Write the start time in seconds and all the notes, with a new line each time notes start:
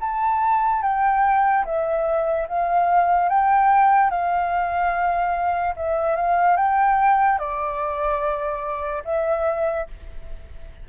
0.00 A5
0.82 G5
1.65 E5
2.48 F5
3.29 G5
4.10 F5
5.76 E5
6.16 F5
6.57 G5
7.39 D5
9.05 E5